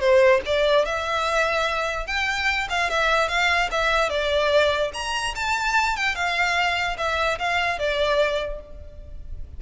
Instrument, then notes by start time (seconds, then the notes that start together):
violin
0.00 C5
0.46 D5
0.85 E5
2.07 G5
2.70 F5
2.90 E5
3.28 F5
3.71 E5
4.10 D5
4.94 A#5
5.35 A5
5.97 G5
6.15 F5
6.98 E5
7.39 F5
7.79 D5